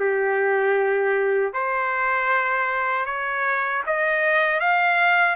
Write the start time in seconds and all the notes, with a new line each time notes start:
0.00 G4
1.53 C5
3.06 C#5
3.87 D#5
4.60 F5